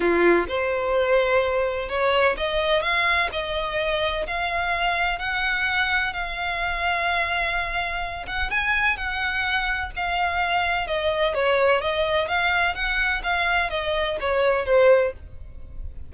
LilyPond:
\new Staff \with { instrumentName = "violin" } { \time 4/4 \tempo 4 = 127 f'4 c''2. | cis''4 dis''4 f''4 dis''4~ | dis''4 f''2 fis''4~ | fis''4 f''2.~ |
f''4. fis''8 gis''4 fis''4~ | fis''4 f''2 dis''4 | cis''4 dis''4 f''4 fis''4 | f''4 dis''4 cis''4 c''4 | }